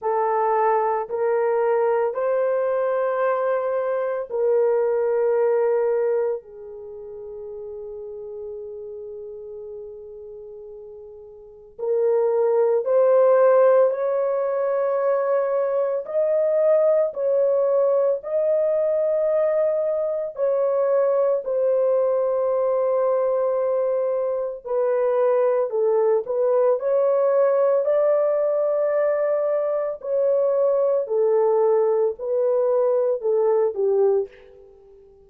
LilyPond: \new Staff \with { instrumentName = "horn" } { \time 4/4 \tempo 4 = 56 a'4 ais'4 c''2 | ais'2 gis'2~ | gis'2. ais'4 | c''4 cis''2 dis''4 |
cis''4 dis''2 cis''4 | c''2. b'4 | a'8 b'8 cis''4 d''2 | cis''4 a'4 b'4 a'8 g'8 | }